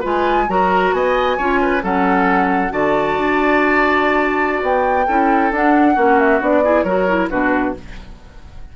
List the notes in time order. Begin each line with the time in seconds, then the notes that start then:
0.00 G#3 F4 B4
0.07 G#5
0.48 F#3 F#4 A#4 A#5
0.92 B3 D#5 G#5
1.37 C#4 F4 C#5
1.62 B4
1.81 F#3 C#4 A4 F#5
2.70 D3 F#4 D5 A5
3.16 D4
4.61 B3 G5
5.06 C#4 E4 A4
5.51 D4 F#5
5.94 A#3 C#4 F#4
6.19 E5
6.40 B3 D4 D5
6.64 E4 G#4
6.83 F#3 F#4 A#4 C#5
7.08 E4
7.30 B2 D4 F#4 B4